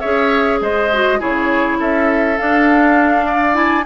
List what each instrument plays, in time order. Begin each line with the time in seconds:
0.00 bassoon C#4, clarinet G#4, oboe C#5, flute E5
0.61 bassoon G#3, oboe C5, flute D#5
0.93 clarinet F#4
1.19 bassoon C#3, clarinet E4, oboe G#4, flute C#5
1.79 bassoon C#4, oboe A4, flute E5
2.38 clarinet D4, bassoon D4, flute F5
3.26 oboe D5
3.52 clarinet E4, flute G#5